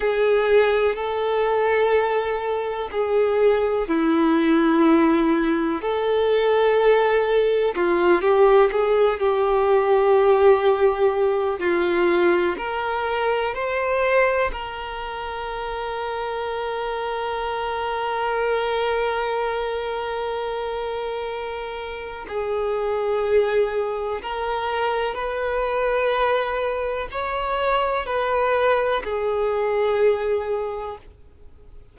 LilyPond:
\new Staff \with { instrumentName = "violin" } { \time 4/4 \tempo 4 = 62 gis'4 a'2 gis'4 | e'2 a'2 | f'8 g'8 gis'8 g'2~ g'8 | f'4 ais'4 c''4 ais'4~ |
ais'1~ | ais'2. gis'4~ | gis'4 ais'4 b'2 | cis''4 b'4 gis'2 | }